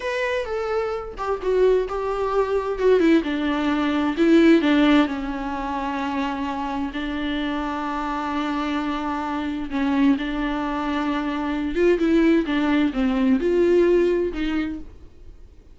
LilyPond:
\new Staff \with { instrumentName = "viola" } { \time 4/4 \tempo 4 = 130 b'4 a'4. g'8 fis'4 | g'2 fis'8 e'8 d'4~ | d'4 e'4 d'4 cis'4~ | cis'2. d'4~ |
d'1~ | d'4 cis'4 d'2~ | d'4. f'8 e'4 d'4 | c'4 f'2 dis'4 | }